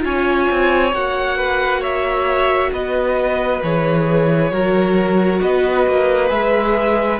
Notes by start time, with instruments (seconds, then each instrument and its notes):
0.00 cello C#4, viola F4, violin C#5 G#5
0.51 cello C4
0.93 cello A#3, viola F#4, violin F#5
1.37 violin B4
1.81 violin C#5 E5
2.73 cello B3, violin B4 D#5
3.63 cello E3, viola G#4, violin C#5
4.52 cello F#3, viola F#4, violin A#4
5.41 cello B3, violin B4 D#5
5.87 cello A#3
6.29 cello G#3, viola G#4, violin E5